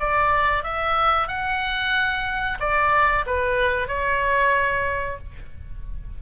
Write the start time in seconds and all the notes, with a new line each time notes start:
0.00 D5
0.64 E5
1.28 F#5
2.60 D5
3.26 B4
3.88 C#5